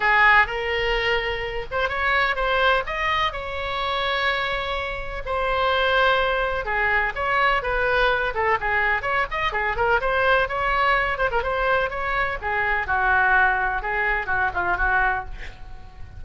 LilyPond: \new Staff \with { instrumentName = "oboe" } { \time 4/4 \tempo 4 = 126 gis'4 ais'2~ ais'8 c''8 | cis''4 c''4 dis''4 cis''4~ | cis''2. c''4~ | c''2 gis'4 cis''4 |
b'4. a'8 gis'4 cis''8 dis''8 | gis'8 ais'8 c''4 cis''4. c''16 ais'16 | c''4 cis''4 gis'4 fis'4~ | fis'4 gis'4 fis'8 f'8 fis'4 | }